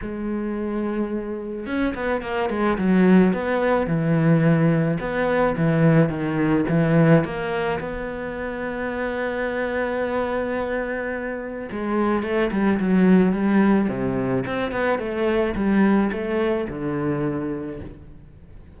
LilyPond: \new Staff \with { instrumentName = "cello" } { \time 4/4 \tempo 4 = 108 gis2. cis'8 b8 | ais8 gis8 fis4 b4 e4~ | e4 b4 e4 dis4 | e4 ais4 b2~ |
b1~ | b4 gis4 a8 g8 fis4 | g4 c4 c'8 b8 a4 | g4 a4 d2 | }